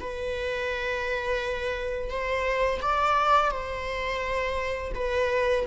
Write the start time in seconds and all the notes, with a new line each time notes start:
0.00 B4
2.10 C5
2.82 D5
3.51 C5
4.94 B4